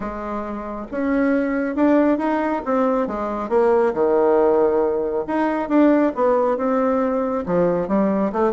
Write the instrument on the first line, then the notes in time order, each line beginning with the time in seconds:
bassoon
0.00 G#3
0.91 C#4
1.75 D4
2.18 D#4
2.65 C4
3.07 G#3
3.49 A#3
3.93 D#3
5.27 D#4
5.68 D4
6.15 B3
6.57 C4
7.46 F3
7.88 G3
8.32 A3